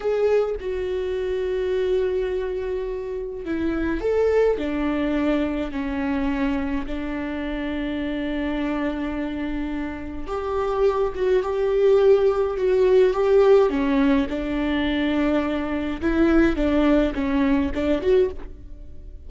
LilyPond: \new Staff \with { instrumentName = "viola" } { \time 4/4 \tempo 4 = 105 gis'4 fis'2.~ | fis'2 e'4 a'4 | d'2 cis'2 | d'1~ |
d'2 g'4. fis'8 | g'2 fis'4 g'4 | cis'4 d'2. | e'4 d'4 cis'4 d'8 fis'8 | }